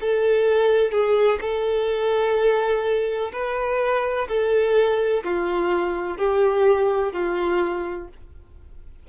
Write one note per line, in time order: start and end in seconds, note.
0.00 0.91 A4
0.91 1.39 G#4
1.41 3.31 A4
3.32 4.28 B4
4.28 5.23 A4
5.23 6.17 F4
6.17 7.12 G4
7.13 8.08 F4